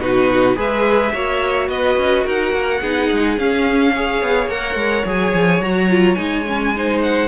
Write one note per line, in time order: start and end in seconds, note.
0.00 0.56 B2
0.00 0.56 D#4
0.00 0.57 F#4
0.00 0.57 B4
0.56 1.13 G#3
0.56 1.12 G#4
0.56 1.13 B4
0.56 1.69 E5
1.13 1.69 A#3
1.13 2.82 F#4
1.13 1.69 C#5
1.69 1.97 B3
1.69 2.25 B4
1.69 2.25 D#5
1.98 2.26 C#4
2.25 2.53 D#4
2.25 2.81 A#4
2.25 3.39 F#5
2.53 2.81 A#3
2.81 3.10 B3
2.81 3.38 D#4
2.81 3.93 G#4
3.12 3.38 G#3
3.38 3.94 C#4
3.38 4.22 C#4
3.38 4.49 F5
3.93 4.50 G#4
3.93 6.74 C#5
4.22 4.47 B3
4.47 4.75 A#3
4.47 5.05 A#4
4.47 5.05 F#5
4.75 5.03 G#3
5.05 5.33 F#3
5.05 5.61 G#4
5.05 5.62 G#5
5.34 5.60 F3
5.60 6.16 F#3
5.60 5.90 F#4
5.60 6.14 A#5
5.90 6.17 F4
6.14 7.28 G#3
6.14 6.45 D#4
6.14 6.99 G#5
6.47 6.75 C#4
6.76 7.28 D#4
6.76 7.28 C5
7.03 7.28 F#5